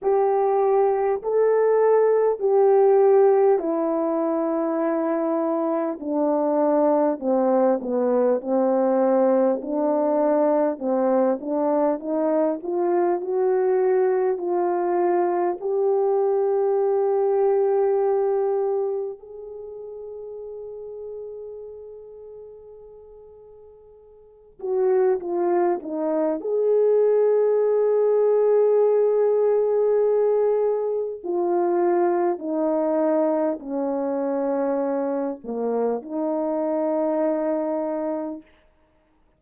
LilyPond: \new Staff \with { instrumentName = "horn" } { \time 4/4 \tempo 4 = 50 g'4 a'4 g'4 e'4~ | e'4 d'4 c'8 b8 c'4 | d'4 c'8 d'8 dis'8 f'8 fis'4 | f'4 g'2. |
gis'1~ | gis'8 fis'8 f'8 dis'8 gis'2~ | gis'2 f'4 dis'4 | cis'4. ais8 dis'2 | }